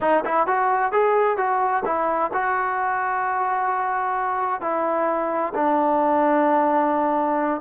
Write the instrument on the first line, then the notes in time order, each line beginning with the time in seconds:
trombone
0.00 D#4
0.25 E4
0.46 F#4
0.92 G#4
1.37 F#4
1.85 E4
2.33 F#4
4.61 E4
5.54 D4